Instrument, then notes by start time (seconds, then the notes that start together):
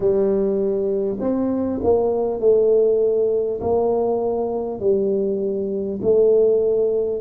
tuba
0.00 G3
1.20 C4
1.83 A#3
2.40 A3
3.61 A#3
4.80 G3
6.02 A3